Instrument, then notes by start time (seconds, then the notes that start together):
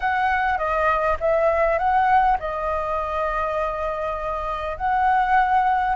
flute
0.00 F#5
0.58 D#5
1.20 E5
1.78 F#5
2.39 D#5
4.77 F#5